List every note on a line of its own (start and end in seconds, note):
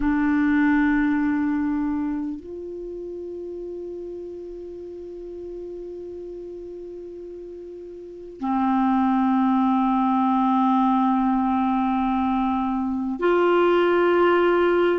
0.00 2.39 D4
2.40 8.39 F4
8.39 13.19 C4
13.19 14.99 F4